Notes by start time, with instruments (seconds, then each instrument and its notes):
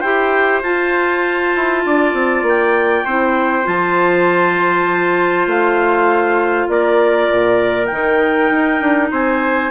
0.00 bassoon E4, clarinet G4 G5, trumpet C5
0.62 bassoon F4, clarinet F4 A5
1.55 bassoon E4
1.85 bassoon D4, trumpet D5
2.13 bassoon C4
2.42 bassoon A#3
2.48 clarinet G5
3.05 bassoon C4, clarinet E4, trumpet C5
3.63 bassoon F3, clarinet F4 A5
5.46 bassoon A3, clarinet F5
6.68 bassoon A#3, trumpet A#4, clarinet D5
7.30 bassoon A#2
7.86 bassoon D#3, clarinet D#4 G5
8.51 bassoon D#4
8.80 bassoon D4
9.11 bassoon C4, trumpet C5, clarinet G#5